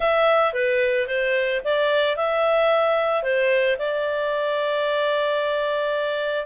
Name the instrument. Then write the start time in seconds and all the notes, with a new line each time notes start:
clarinet
0.00 E5
0.53 B4
1.07 C5
1.64 D5
2.16 E5
3.22 C5
3.78 D5